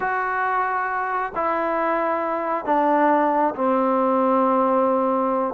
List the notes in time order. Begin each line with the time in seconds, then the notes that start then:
0.00 F#4
1.35 E4
2.65 D4
3.55 C4